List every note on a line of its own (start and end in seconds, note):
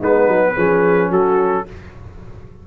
0.00 0.28 G#3
0.00 0.55 B3
0.00 0.55 D#4
0.00 1.12 B4
0.28 0.55 F#3
0.55 1.10 F3
0.55 1.65 C#4
0.55 1.11 G#4
1.10 1.65 F#3
1.10 1.66 F#4
1.10 1.67 A4